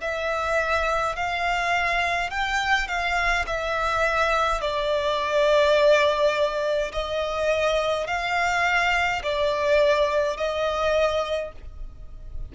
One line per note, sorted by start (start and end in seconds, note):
0.00 1.15 E5
1.15 2.30 F5
2.30 2.87 G5
2.87 3.45 F5
3.46 4.61 E5
4.61 6.92 D5
6.92 8.07 D#5
8.07 9.22 F5
9.23 10.36 D5
10.36 11.52 D#5